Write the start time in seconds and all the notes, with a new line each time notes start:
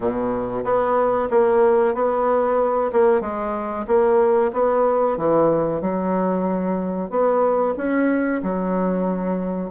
0.00 B2
0.64 B3
1.30 A#3
1.94 B3
2.92 A#3
3.21 G#3
3.87 A#3
4.52 B3
5.17 E3
5.81 F#3
7.10 B3
7.77 C#4
8.42 F#3